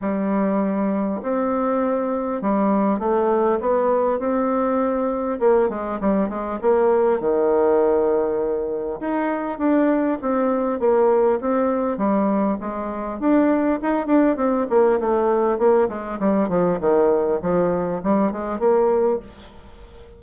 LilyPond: \new Staff \with { instrumentName = "bassoon" } { \time 4/4 \tempo 4 = 100 g2 c'2 | g4 a4 b4 c'4~ | c'4 ais8 gis8 g8 gis8 ais4 | dis2. dis'4 |
d'4 c'4 ais4 c'4 | g4 gis4 d'4 dis'8 d'8 | c'8 ais8 a4 ais8 gis8 g8 f8 | dis4 f4 g8 gis8 ais4 | }